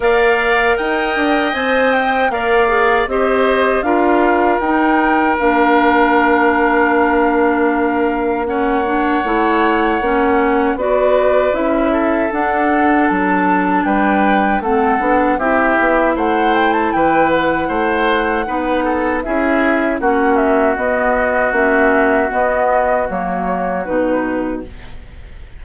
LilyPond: <<
  \new Staff \with { instrumentName = "flute" } { \time 4/4 \tempo 4 = 78 f''4 g''4 gis''8 g''8 f''4 | dis''4 f''4 g''4 f''4~ | f''2. fis''4~ | fis''2 d''4 e''4 |
fis''4 a''4 g''4 fis''4 | e''4 fis''8 g''16 a''16 g''8 fis''4.~ | fis''4 e''4 fis''8 e''8 dis''4 | e''4 dis''4 cis''4 b'4 | }
  \new Staff \with { instrumentName = "oboe" } { \time 4/4 d''4 dis''2 d''4 | c''4 ais'2.~ | ais'2. cis''4~ | cis''2 b'4. a'8~ |
a'2 b'4 a'4 | g'4 c''4 b'4 c''4 | b'8 a'8 gis'4 fis'2~ | fis'1 | }
  \new Staff \with { instrumentName = "clarinet" } { \time 4/4 ais'2 c''4 ais'8 gis'8 | g'4 f'4 dis'4 d'4~ | d'2. cis'8 d'8 | e'4 cis'4 fis'4 e'4 |
d'2. c'8 d'8 | e'1 | dis'4 e'4 cis'4 b4 | cis'4 b4 ais4 dis'4 | }
  \new Staff \with { instrumentName = "bassoon" } { \time 4/4 ais4 dis'8 d'8 c'4 ais4 | c'4 d'4 dis'4 ais4~ | ais1 | a4 ais4 b4 cis'4 |
d'4 fis4 g4 a8 b8 | c'8 b8 a4 e4 a4 | b4 cis'4 ais4 b4 | ais4 b4 fis4 b,4 | }
>>